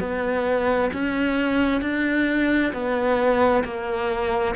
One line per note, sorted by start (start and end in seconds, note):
0.00 0.91 B3
0.93 1.82 C#4
1.82 2.73 D4
2.73 3.64 B3
3.64 4.55 A#3